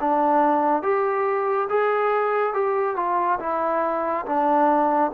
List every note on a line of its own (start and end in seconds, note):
0.00 0.82 D4
0.82 1.68 G4
1.69 2.53 G#4
2.53 2.96 G4
2.96 3.39 F4
3.39 4.25 E4
4.25 5.11 D4